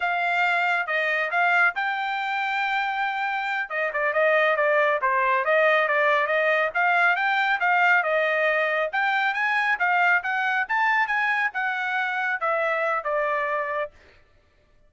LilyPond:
\new Staff \with { instrumentName = "trumpet" } { \time 4/4 \tempo 4 = 138 f''2 dis''4 f''4 | g''1~ | g''8 dis''8 d''8 dis''4 d''4 c''8~ | c''8 dis''4 d''4 dis''4 f''8~ |
f''8 g''4 f''4 dis''4.~ | dis''8 g''4 gis''4 f''4 fis''8~ | fis''8 a''4 gis''4 fis''4.~ | fis''8 e''4. d''2 | }